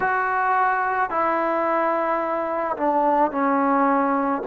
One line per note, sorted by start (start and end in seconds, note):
0.00 1.10 F#4
1.10 2.76 E4
2.76 3.31 D4
3.31 4.42 C#4